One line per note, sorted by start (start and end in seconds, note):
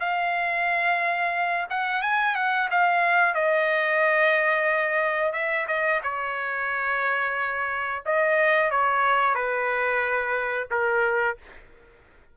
0.00 1.67 F5
1.70 2.02 F#5
2.02 2.35 G#5
2.35 2.69 F#5
2.71 3.35 F5
3.35 5.33 D#5
5.33 5.66 E5
5.68 6.01 D#5
6.03 8.03 C#5
8.06 8.71 D#5
8.71 9.35 C#5
9.35 10.68 B4
10.71 11.38 A#4